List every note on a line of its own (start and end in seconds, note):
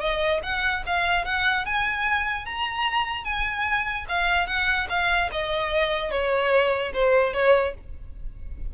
0.00 0.41 D#5
0.43 0.83 F#5
0.86 1.25 F5
1.25 1.65 F#5
1.65 2.45 G#5
2.45 3.24 A#5
3.24 4.05 G#5
4.08 4.47 F5
4.47 4.87 F#5
4.89 5.30 F5
5.32 6.11 D#5
6.11 6.92 C#5
6.93 7.33 C5
7.33 7.74 C#5